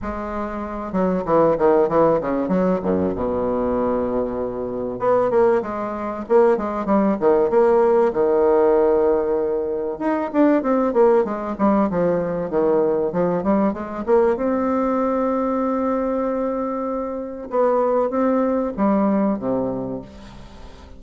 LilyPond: \new Staff \with { instrumentName = "bassoon" } { \time 4/4 \tempo 4 = 96 gis4. fis8 e8 dis8 e8 cis8 | fis8 fis,8 b,2. | b8 ais8 gis4 ais8 gis8 g8 dis8 | ais4 dis2. |
dis'8 d'8 c'8 ais8 gis8 g8 f4 | dis4 f8 g8 gis8 ais8 c'4~ | c'1 | b4 c'4 g4 c4 | }